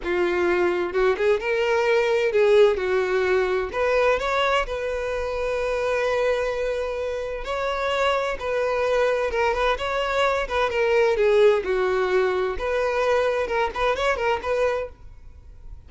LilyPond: \new Staff \with { instrumentName = "violin" } { \time 4/4 \tempo 4 = 129 f'2 fis'8 gis'8 ais'4~ | ais'4 gis'4 fis'2 | b'4 cis''4 b'2~ | b'1 |
cis''2 b'2 | ais'8 b'8 cis''4. b'8 ais'4 | gis'4 fis'2 b'4~ | b'4 ais'8 b'8 cis''8 ais'8 b'4 | }